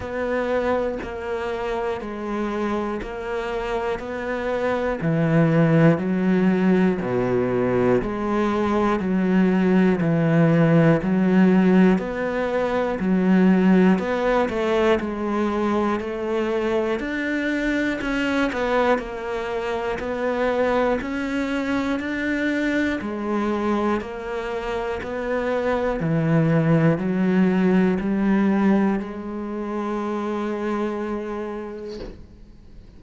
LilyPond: \new Staff \with { instrumentName = "cello" } { \time 4/4 \tempo 4 = 60 b4 ais4 gis4 ais4 | b4 e4 fis4 b,4 | gis4 fis4 e4 fis4 | b4 fis4 b8 a8 gis4 |
a4 d'4 cis'8 b8 ais4 | b4 cis'4 d'4 gis4 | ais4 b4 e4 fis4 | g4 gis2. | }